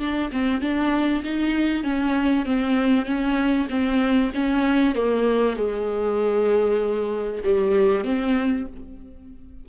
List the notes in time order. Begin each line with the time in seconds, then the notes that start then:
0.00 D4
0.32 C4
0.62 D4
1.24 D#4
1.84 C#4
2.46 C4
3.06 C#4
3.70 C4
4.35 C#4
4.96 A#3
5.57 G#3
7.45 G3
8.05 C4